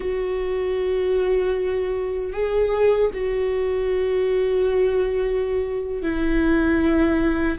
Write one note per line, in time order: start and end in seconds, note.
0.00 2.32 F#4
2.32 3.10 G#4
3.13 6.02 F#4
6.02 7.58 E4